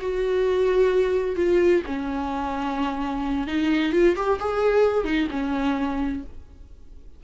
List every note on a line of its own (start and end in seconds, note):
0.00 1.37 F#4
1.37 1.83 F4
1.87 3.48 C#4
3.48 3.93 D#4
3.93 4.16 F4
4.16 4.40 G4
4.40 5.05 G#4
5.05 5.28 D#4
5.31 6.24 C#4